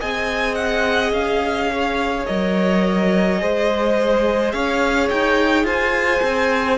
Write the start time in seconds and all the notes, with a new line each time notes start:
0.00 C4 G#4 D#5 G#5
0.55 F#5
1.12 C#4 F5
1.72 C#5
2.26 F#3 A#4 D#5
3.39 G#3 G#4 C5
4.52 C#4 C#5 F5
5.09 D#4 G5
5.64 F4 C5 G#5
6.23 C4